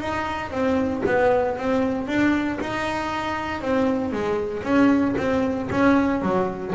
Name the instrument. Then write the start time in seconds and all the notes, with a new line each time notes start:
double bass
0.00 D#4
0.51 C4
1.06 B3
1.58 C4
2.07 D4
2.61 D#4
3.61 C4
4.13 G#3
4.63 C#4
5.17 C4
5.71 C#4
6.22 F#3